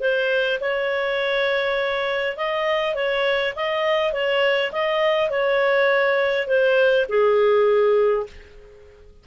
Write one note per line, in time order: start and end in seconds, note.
0.00 0.59 C5
0.60 2.36 C#5
2.36 2.94 D#5
2.94 3.53 C#5
3.55 4.12 D#5
4.12 4.71 C#5
4.71 5.29 D#5
5.29 6.47 C#5
6.47 7.06 C5
7.08 8.26 G#4